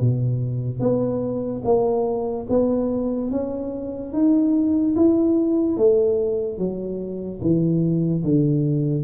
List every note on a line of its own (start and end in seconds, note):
0.00 0.80 B2
0.80 1.62 B3
1.64 2.46 A#3
2.49 3.31 B3
3.31 4.12 C#4
4.12 4.95 D#4
4.95 5.76 E4
5.76 6.58 A3
6.58 7.40 F#3
7.41 8.23 E3
8.23 9.04 D3